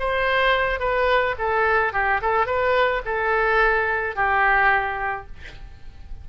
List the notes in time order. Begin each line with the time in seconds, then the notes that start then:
0.00 C5
0.80 B4
1.39 A4
1.93 G4
2.22 A4
2.47 B4
3.06 A4
4.16 G4